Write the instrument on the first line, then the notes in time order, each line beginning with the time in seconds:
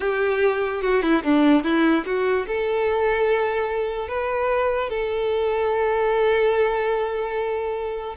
violin
0.00 G4
0.82 F#4
1.02 E4
1.23 D4
1.63 E4
2.05 F#4
2.47 A4
4.08 B4
4.89 A4